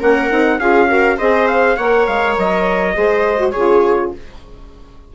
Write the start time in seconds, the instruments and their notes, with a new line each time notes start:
0.00 bassoon A#3, saxophone C#4, viola A#4, trumpet F#5
0.31 bassoon C4, saxophone D#4
0.59 bassoon C#4, saxophone F4, viola G#4, trumpet F5
0.89 saxophone F#4, viola A#4
1.17 bassoon C4, saxophone G#4, viola C5, trumpet D#5
1.48 trumpet F5
1.76 bassoon A#3, saxophone A#4, viola C#5, trumpet F#5
2.07 bassoon G#3, trumpet F5
2.38 bassoon F#3, trumpet D#5
2.94 bassoon G#3, saxophone G#4, viola C5
3.38 saxophone F#4
3.51 bassoon C#3, saxophone F4, viola G#4, trumpet C#5